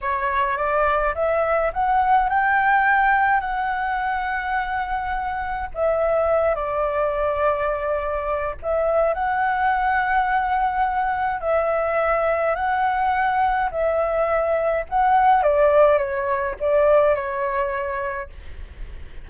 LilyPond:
\new Staff \with { instrumentName = "flute" } { \time 4/4 \tempo 4 = 105 cis''4 d''4 e''4 fis''4 | g''2 fis''2~ | fis''2 e''4. d''8~ | d''2. e''4 |
fis''1 | e''2 fis''2 | e''2 fis''4 d''4 | cis''4 d''4 cis''2 | }